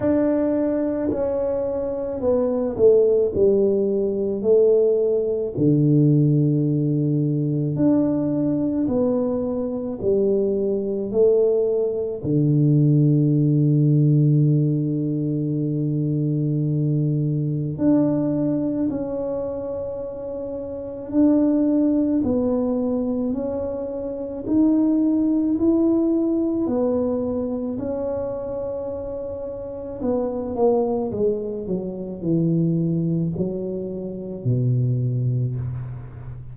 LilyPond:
\new Staff \with { instrumentName = "tuba" } { \time 4/4 \tempo 4 = 54 d'4 cis'4 b8 a8 g4 | a4 d2 d'4 | b4 g4 a4 d4~ | d1 |
d'4 cis'2 d'4 | b4 cis'4 dis'4 e'4 | b4 cis'2 b8 ais8 | gis8 fis8 e4 fis4 b,4 | }